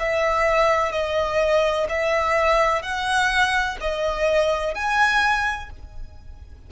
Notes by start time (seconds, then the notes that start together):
0.00 E5
0.92 D#5
1.89 E5
2.82 F#5
3.81 D#5
4.75 G#5